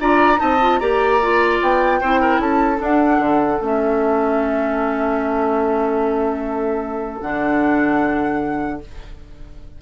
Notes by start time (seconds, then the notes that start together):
0.00 D4 F4 D5 A#5
0.36 C4 D#4 D#5 A5
0.61 F4
0.78 A#3 G4 D5 A#5
1.22 F4
1.61 B3 G5
2.00 C4 E4 C5
2.21 A#4
2.39 C#4 A4 A5
2.76 D4
2.83 F#5
3.19 D3
3.61 A3 C#4 E5
7.21 D3 D4 F#5